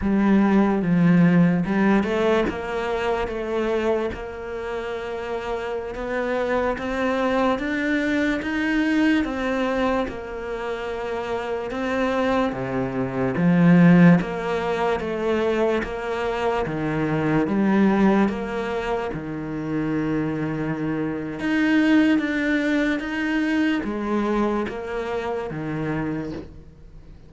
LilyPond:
\new Staff \with { instrumentName = "cello" } { \time 4/4 \tempo 4 = 73 g4 f4 g8 a8 ais4 | a4 ais2~ ais16 b8.~ | b16 c'4 d'4 dis'4 c'8.~ | c'16 ais2 c'4 c8.~ |
c16 f4 ais4 a4 ais8.~ | ais16 dis4 g4 ais4 dis8.~ | dis2 dis'4 d'4 | dis'4 gis4 ais4 dis4 | }